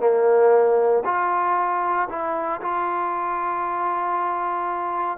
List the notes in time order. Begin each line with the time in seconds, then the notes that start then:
0.00 A#3
1.05 F4
2.09 E4
2.61 F4